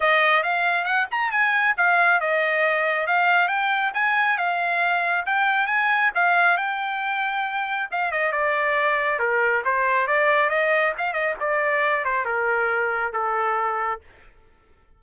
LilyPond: \new Staff \with { instrumentName = "trumpet" } { \time 4/4 \tempo 4 = 137 dis''4 f''4 fis''8 ais''8 gis''4 | f''4 dis''2 f''4 | g''4 gis''4 f''2 | g''4 gis''4 f''4 g''4~ |
g''2 f''8 dis''8 d''4~ | d''4 ais'4 c''4 d''4 | dis''4 f''8 dis''8 d''4. c''8 | ais'2 a'2 | }